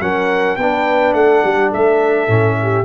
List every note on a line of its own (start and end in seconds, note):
0.00 0.57 F#3
0.00 0.59 C#4
0.00 0.59 A#4
0.00 0.57 F#5
0.57 1.14 B3
0.57 2.28 D4
0.57 1.17 B4
0.57 1.14 G5
1.14 1.42 A3
1.14 1.44 A4
1.14 1.71 F#5
1.44 1.73 G3
1.44 1.71 G4
1.71 2.28 A3
1.71 2.57 A4
1.71 2.85 E5
2.28 2.85 A2
2.28 2.85 C#4
2.63 2.85 G4